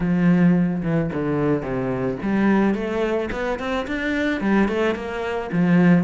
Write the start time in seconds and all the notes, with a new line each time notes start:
0.00 F3
0.83 E3
1.13 D3
1.62 C3
2.22 G3
2.74 A3
3.31 B3
3.59 C4
3.87 D4
4.40 G3
4.68 A3
4.95 A#3
5.51 F3